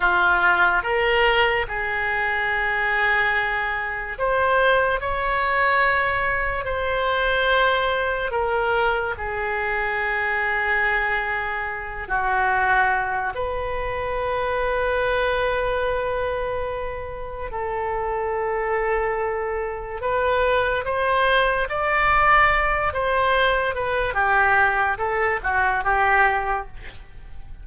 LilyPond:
\new Staff \with { instrumentName = "oboe" } { \time 4/4 \tempo 4 = 72 f'4 ais'4 gis'2~ | gis'4 c''4 cis''2 | c''2 ais'4 gis'4~ | gis'2~ gis'8 fis'4. |
b'1~ | b'4 a'2. | b'4 c''4 d''4. c''8~ | c''8 b'8 g'4 a'8 fis'8 g'4 | }